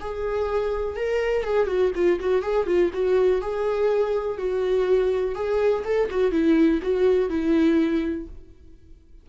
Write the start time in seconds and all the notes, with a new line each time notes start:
0.00 G#4
0.96 A#4
1.43 G#4
1.67 F#4
1.95 F4
2.20 F#4
2.42 G#4
2.67 F4
2.93 F#4
3.41 G#4
4.37 F#4
5.35 G#4
5.84 A4
6.10 F#4
6.31 E4
6.82 F#4
7.29 E4